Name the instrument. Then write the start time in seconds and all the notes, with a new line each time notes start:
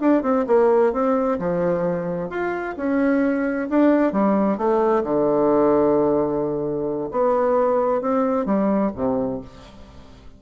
bassoon
0.00 D4
0.23 C4
0.47 A#3
0.93 C4
1.39 F3
2.30 F4
2.77 C#4
3.70 D4
4.13 G3
4.58 A3
5.04 D3
7.11 B3
8.01 C4
8.46 G3
8.95 C3